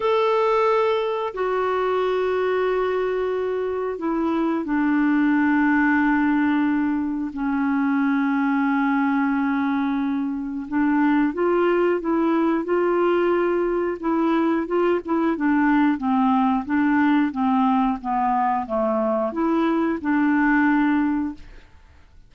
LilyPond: \new Staff \with { instrumentName = "clarinet" } { \time 4/4 \tempo 4 = 90 a'2 fis'2~ | fis'2 e'4 d'4~ | d'2. cis'4~ | cis'1 |
d'4 f'4 e'4 f'4~ | f'4 e'4 f'8 e'8 d'4 | c'4 d'4 c'4 b4 | a4 e'4 d'2 | }